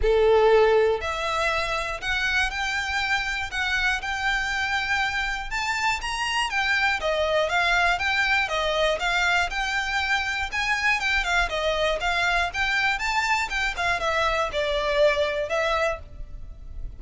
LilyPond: \new Staff \with { instrumentName = "violin" } { \time 4/4 \tempo 4 = 120 a'2 e''2 | fis''4 g''2 fis''4 | g''2. a''4 | ais''4 g''4 dis''4 f''4 |
g''4 dis''4 f''4 g''4~ | g''4 gis''4 g''8 f''8 dis''4 | f''4 g''4 a''4 g''8 f''8 | e''4 d''2 e''4 | }